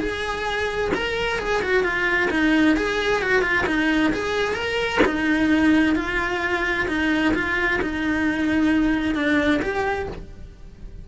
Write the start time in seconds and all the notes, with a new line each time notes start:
0.00 G#4
0.95 A#4
1.39 G#4
1.63 F#4
1.84 F4
2.31 D#4
2.76 G#4
3.22 F#4
3.42 F4
3.67 D#4
4.14 G#4
4.54 A#4
5.05 D#4
5.96 F4
6.88 D#4
7.34 F4
7.82 D#4
9.15 D4
9.62 G4